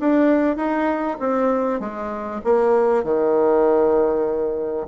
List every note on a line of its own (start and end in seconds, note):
0.00 0.56 D4
0.56 1.17 D#4
1.20 1.80 C4
1.80 2.41 G#3
2.44 3.04 A#3
3.04 4.87 D#3